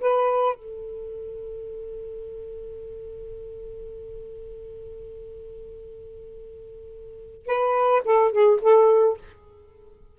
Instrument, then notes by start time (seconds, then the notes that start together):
saxophone
0.00 B4
0.55 A4
7.46 B4
8.04 A4
8.31 G#4
8.61 A4